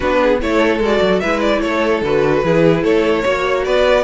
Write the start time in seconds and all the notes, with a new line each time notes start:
0.00 B3 D4 F#4 B4
0.22 G#4
0.40 A3 E4 A4 C#5
0.79 G#3 F#4 D5
1.01 F#3
1.19 G#3 E4 B4 E5
1.40 D5
1.61 A3 A4 C#5
2.01 D3 F#4 B4
2.43 E3 E4 G#4
2.83 A3 A4 C#5
3.22 A#3 F#4 C#5
3.64 B3 B4 D5